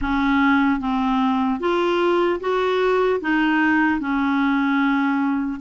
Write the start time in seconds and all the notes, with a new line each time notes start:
0.01 C#4
0.80 C4
1.60 F4
2.40 F#4
3.20 D#4
4.00 C#4